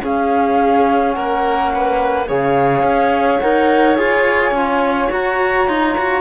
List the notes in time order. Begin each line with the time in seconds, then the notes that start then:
0.00 C#4 G#4 F5
1.11 A#3 A#4 F#5
1.74 B4
2.27 C#3 G#4 C#5 F5
2.82 C#4
3.39 D#4 A#4 F#5
3.96 F4 G#4 G#5
4.51 C#4 F4
5.10 F#4 A#5
5.67 D#4 F4
5.97 F#4